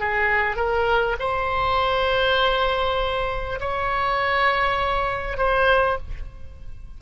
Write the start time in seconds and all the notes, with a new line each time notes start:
0.00 G#4
0.56 A#4
1.19 C5
3.61 C#5
5.37 C5